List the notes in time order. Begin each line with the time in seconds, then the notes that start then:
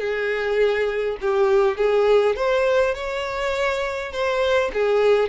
0.00 G#4
1.21 G4
1.77 G#4
2.36 C5
2.95 C#5
4.12 C5
4.74 G#4